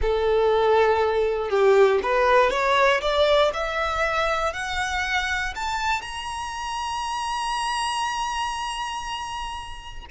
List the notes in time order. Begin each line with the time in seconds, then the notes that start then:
0.01 A4
1.49 G4
2.02 B4
2.50 C#5
3.01 D5
3.53 E5
4.53 F#5
5.55 A5
6.01 A#5